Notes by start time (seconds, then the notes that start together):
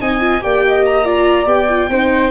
0.00 C4 D#4 D#5 G#5
0.20 F4
0.41 A#3 G4 D5 G5
0.67 D#5
0.85 A#5
1.04 F4 D5
1.46 B3 G4 G5
1.69 F4
1.89 C4 D#4 C5